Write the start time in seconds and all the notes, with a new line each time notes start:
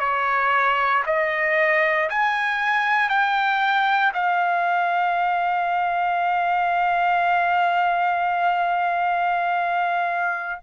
0.00 C#5
1.06 D#5
2.10 G#5
3.09 G5
4.14 F5